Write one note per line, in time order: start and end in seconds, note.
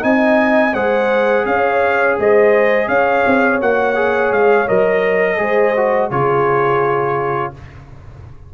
0.00 0.74 C4
0.00 0.71 D#4
0.00 0.74 D#5
0.00 0.74 G#5
0.74 1.45 G#3
0.74 3.61 G#4
0.74 1.45 C5
0.74 1.46 F#5
1.45 2.17 C#4
1.45 2.19 C#5
1.45 2.17 F5
2.18 2.88 G#3
2.18 2.88 C5
2.18 2.88 D#5
2.88 3.24 C#4
2.88 5.38 C#5
2.88 3.60 F5
3.26 3.61 C4
3.61 4.31 A#3
3.61 3.95 F#4
3.61 4.33 F#5
3.95 4.67 G#4
4.31 4.67 G#3
4.31 4.68 F5
4.67 5.39 F#3
4.67 5.37 A#4
4.67 6.11 D#5
5.37 6.10 G#3
5.37 5.73 G#4
5.37 6.09 C5
5.76 6.11 F#4
6.09 7.53 C#3
6.09 7.54 F4
6.09 7.52 G#4
6.09 7.53 C#5